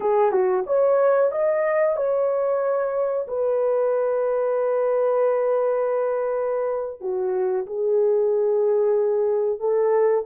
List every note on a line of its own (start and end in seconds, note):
0.00 0.31 G#4
0.31 0.64 F#4
0.66 1.31 C#5
1.31 1.96 D#5
1.96 3.26 C#5
3.27 7.00 B4
7.00 7.66 F#4
7.66 9.59 G#4
9.59 10.25 A4